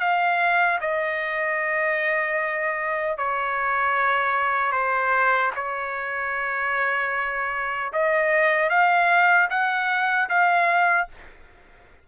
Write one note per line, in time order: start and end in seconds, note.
0.00 0.79 F5
0.81 3.18 D#5
3.18 4.72 C#5
4.72 5.51 C5
5.56 7.92 C#5
7.93 8.69 D#5
8.69 9.48 F5
9.50 10.29 F#5
10.29 11.08 F5